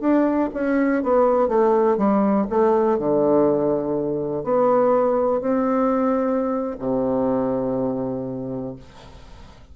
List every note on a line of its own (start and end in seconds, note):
0.00 0.49 D4
0.53 1.03 C#4
1.03 1.48 B3
1.48 1.97 A3
1.97 2.46 G3
2.50 2.98 A3
2.98 4.44 D3
4.44 5.41 B3
5.41 6.76 C4
6.79 8.76 C3